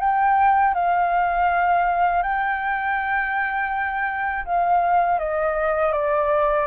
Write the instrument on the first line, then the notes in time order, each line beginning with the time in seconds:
flute
0.00 G5
0.74 F5
2.22 G5
4.44 F5
5.19 D#5
5.92 D5